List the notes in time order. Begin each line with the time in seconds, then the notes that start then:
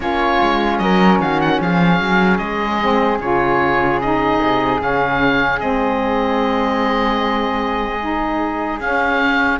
0.00 A#3 C#4 F4 C#5
0.42 G#3
0.78 F#3 A#4 D#5
1.19 D#3 F#4 F5
1.40 F#5
1.60 F3 G#4 F5
2.00 F#3
2.38 G#3 D#5
2.81 C4
3.19 C#3 F4 C#5
4.00 D#4 D#5
4.40 C3
4.79 C#3 C#4 F5
5.59 G#3 C4 D#5
7.99 D#4
8.79 C#4 F5